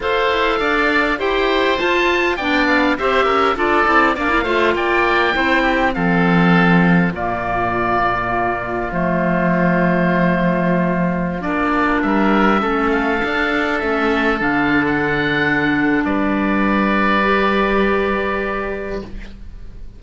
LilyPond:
<<
  \new Staff \with { instrumentName = "oboe" } { \time 4/4 \tempo 4 = 101 f''2 g''4 a''4 | g''8 f''8 e''4 d''4 f''4 | g''2 f''2 | d''2. c''4~ |
c''2.~ c''16 d''8.~ | d''16 e''4. f''4. e''8.~ | e''16 f''8. fis''2 d''4~ | d''1 | }
  \new Staff \with { instrumentName = "oboe" } { \time 4/4 c''4 d''4 c''2 | d''4 c''8 ais'8 a'4 d''8 c''8 | d''4 c''8 g'8 a'2 | f'1~ |
f'1~ | f'16 ais'4 a'2~ a'8.~ | a'2. b'4~ | b'1 | }
  \new Staff \with { instrumentName = "clarinet" } { \time 4/4 a'2 g'4 f'4 | d'4 g'4 f'8 e'8 d'16 e'16 f'8~ | f'4 e'4 c'2 | ais2. a4~ |
a2.~ a16 d'8.~ | d'4~ d'16 cis'4 d'4 cis'8.~ | cis'16 d'2.~ d'8.~ | d'4 g'2. | }
  \new Staff \with { instrumentName = "cello" } { \time 4/4 f'8 e'8 d'4 e'4 f'4 | b4 c'8 cis'8 d'8 c'8 ais8 a8 | ais4 c'4 f2 | ais,2. f4~ |
f2.~ f16 ais8.~ | ais16 g4 a4 d'4 a8.~ | a16 d2~ d8. g4~ | g1 | }
>>